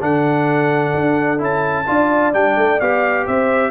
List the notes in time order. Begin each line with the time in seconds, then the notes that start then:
0.00 D3 D4 A4 F#5
0.94 D4
1.38 C#4 E4 A5
1.87 D4 F4 D5
2.33 G3 D4 G5
2.56 A3
2.79 B3 G4 F5
3.25 C4 C5 E5